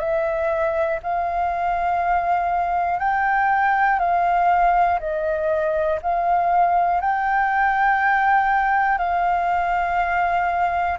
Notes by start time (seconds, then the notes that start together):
0.00 E5
1.04 F5
3.00 G5
4.00 F5
5.00 D#5
6.03 F5
7.01 G5
8.99 F5